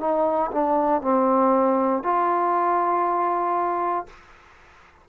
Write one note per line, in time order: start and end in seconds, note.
0.00 0.51 D#4
0.52 1.02 D4
1.02 2.03 C4
2.03 4.07 F4